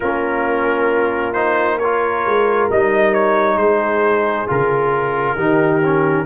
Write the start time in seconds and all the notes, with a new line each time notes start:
0.00 A#3 C#4 F4 A#4
1.33 D#4 C5
1.78 F4 A#4 C#5
2.25 G#3
2.71 G3 D#4 D#5
3.13 C#5
3.56 G#3 G#4 C5
4.47 C#3 F4 A#4
5.35 D#3 D#4 G4
5.83 C#4